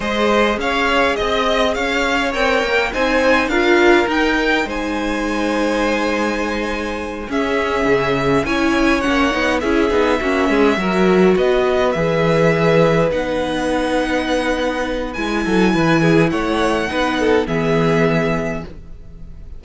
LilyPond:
<<
  \new Staff \with { instrumentName = "violin" } { \time 4/4 \tempo 4 = 103 dis''4 f''4 dis''4 f''4 | g''4 gis''4 f''4 g''4 | gis''1~ | gis''8 e''2 gis''4 fis''8~ |
fis''8 e''2. dis''8~ | dis''8 e''2 fis''4.~ | fis''2 gis''2 | fis''2 e''2 | }
  \new Staff \with { instrumentName = "violin" } { \time 4/4 c''4 cis''4 dis''4 cis''4~ | cis''4 c''4 ais'2 | c''1~ | c''8 gis'2 cis''4.~ |
cis''8 gis'4 fis'8 gis'8 ais'4 b'8~ | b'1~ | b'2~ b'8 a'8 b'8 gis'8 | cis''4 b'8 a'8 gis'2 | }
  \new Staff \with { instrumentName = "viola" } { \time 4/4 gis'1 | ais'4 dis'4 f'4 dis'4~ | dis'1~ | dis'8 cis'2 e'4 cis'8 |
dis'8 e'8 dis'8 cis'4 fis'4.~ | fis'8 gis'2 dis'4.~ | dis'2 e'2~ | e'4 dis'4 b2 | }
  \new Staff \with { instrumentName = "cello" } { \time 4/4 gis4 cis'4 c'4 cis'4 | c'8 ais8 c'4 d'4 dis'4 | gis1~ | gis8 cis'4 cis4 cis'4 ais8 |
b8 cis'8 b8 ais8 gis8 fis4 b8~ | b8 e2 b4.~ | b2 gis8 fis8 e4 | a4 b4 e2 | }
>>